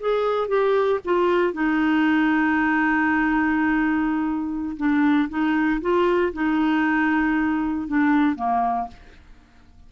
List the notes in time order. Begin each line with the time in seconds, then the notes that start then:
0.00 G#4
0.47 G4
1.04 F4
1.53 D#4
4.77 D4
5.29 D#4
5.81 F4
6.33 D#4
7.88 D4
8.36 A#3